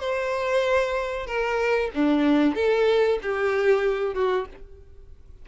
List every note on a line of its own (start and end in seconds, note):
0.00 1.26 C5
1.26 1.90 A#4
1.94 2.55 D4
2.55 3.19 A4
3.22 4.14 G4
4.14 4.46 F#4